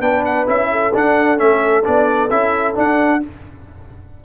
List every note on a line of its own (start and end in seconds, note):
0.00 0.45 B3
0.00 0.46 D4
0.00 0.69 B4
0.00 0.24 G5
0.24 0.47 F#5
0.46 0.93 C#4
0.46 0.92 E4
0.46 0.94 E5
0.71 3.21 A4
0.93 1.37 D4
0.93 1.39 D4
0.93 1.38 F#5
1.37 1.85 A3
1.37 1.83 C#4
1.37 1.84 E5
1.84 2.31 B3
1.84 2.29 D4
1.84 2.29 D5
2.29 2.76 C#4
2.29 2.74 E4
2.29 2.75 E5
2.74 3.20 D4
2.74 3.23 D4
2.74 3.24 F#5